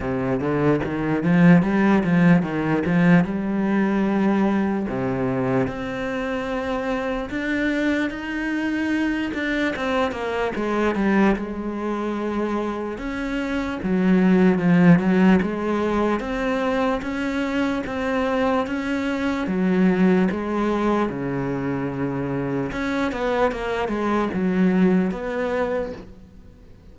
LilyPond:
\new Staff \with { instrumentName = "cello" } { \time 4/4 \tempo 4 = 74 c8 d8 dis8 f8 g8 f8 dis8 f8 | g2 c4 c'4~ | c'4 d'4 dis'4. d'8 | c'8 ais8 gis8 g8 gis2 |
cis'4 fis4 f8 fis8 gis4 | c'4 cis'4 c'4 cis'4 | fis4 gis4 cis2 | cis'8 b8 ais8 gis8 fis4 b4 | }